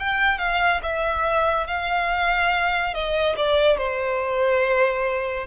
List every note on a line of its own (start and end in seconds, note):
0.00 0.39 G5
0.39 0.81 F5
0.83 1.67 E5
1.67 2.94 F5
2.94 3.36 D#5
3.37 3.78 D5
3.78 5.47 C5